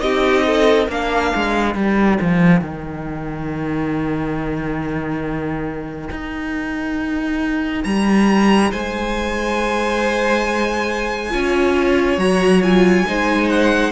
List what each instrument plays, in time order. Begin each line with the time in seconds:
0.00 cello C4, viola D#4, violin G4 D#5
0.47 violin A4
0.88 cello A#3, viola D4, violin A#4 F5
1.35 cello G#3
1.75 cello G3, viola D#4, violin G5
2.21 cello F3
2.61 cello D#3
6.10 cello D#4
7.84 cello G3, violin A#5
8.70 cello G#3, violin C5 G#5
11.31 cello C#4, viola F4, violin C#5
12.18 cello F#3, viola F#4, violin A#5
12.62 viola F4, violin G#5
13.07 cello G#3, viola D#4, violin C5
13.49 violin F#5